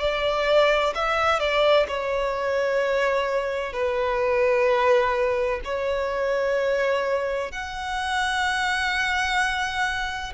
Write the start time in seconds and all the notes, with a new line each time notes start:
0.00 D5
0.95 E5
1.40 D5
1.88 C#5
3.73 B4
5.65 C#5
7.52 F#5